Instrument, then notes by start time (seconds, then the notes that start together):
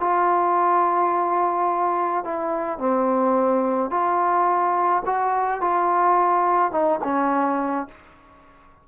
trombone
0.00 F4
2.24 E4
2.78 C4
3.90 F4
5.06 F#4
5.61 F4
6.71 D#4
7.03 C#4